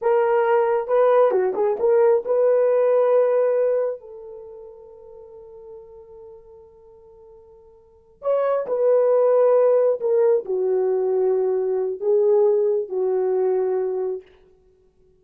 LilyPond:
\new Staff \with { instrumentName = "horn" } { \time 4/4 \tempo 4 = 135 ais'2 b'4 fis'8 gis'8 | ais'4 b'2.~ | b'4 a'2.~ | a'1~ |
a'2~ a'8 cis''4 b'8~ | b'2~ b'8 ais'4 fis'8~ | fis'2. gis'4~ | gis'4 fis'2. | }